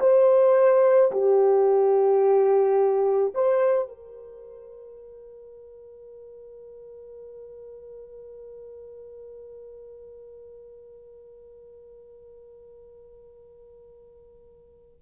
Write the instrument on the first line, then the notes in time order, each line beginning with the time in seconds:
horn
0.00 C5
1.11 G4
3.34 C5
3.88 A#4